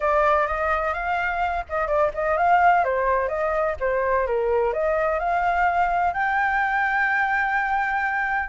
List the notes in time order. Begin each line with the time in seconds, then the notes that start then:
0.00 D5
0.47 D#5
0.93 F5
1.69 D#5
1.87 D5
2.14 D#5
2.37 F5
2.84 C5
3.28 D#5
3.79 C5
4.26 A#4
4.73 D#5
5.19 F5
6.13 G5